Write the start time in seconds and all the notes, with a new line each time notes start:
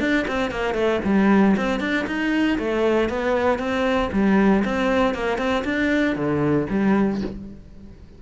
0.00 D4
0.27 C4
0.51 A#3
0.74 A3
1.04 G3
1.57 C4
1.80 D4
2.07 D#4
2.58 A3
3.09 B3
3.59 C4
4.12 G3
4.65 C4
5.14 A#3
5.38 C4
5.64 D4
6.16 D3
6.70 G3